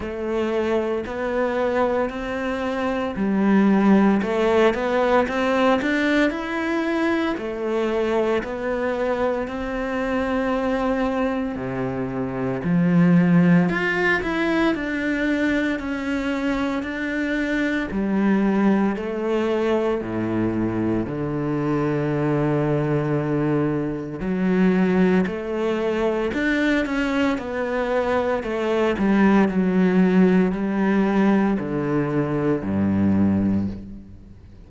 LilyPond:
\new Staff \with { instrumentName = "cello" } { \time 4/4 \tempo 4 = 57 a4 b4 c'4 g4 | a8 b8 c'8 d'8 e'4 a4 | b4 c'2 c4 | f4 f'8 e'8 d'4 cis'4 |
d'4 g4 a4 a,4 | d2. fis4 | a4 d'8 cis'8 b4 a8 g8 | fis4 g4 d4 g,4 | }